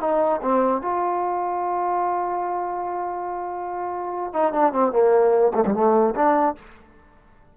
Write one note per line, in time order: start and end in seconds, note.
0.00 0.40 D#4
0.42 0.81 C4
0.81 4.33 F4
4.33 4.52 D#4
4.52 4.72 D4
4.72 4.92 C4
4.92 5.52 A#3
5.54 5.64 A3
5.66 5.74 G3
5.74 6.14 A3
6.15 6.55 D4